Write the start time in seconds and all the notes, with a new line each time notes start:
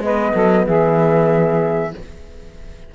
0.00 G#3 B3 B4 D#5
0.33 F#3 A4
0.66 E3 G#4 E5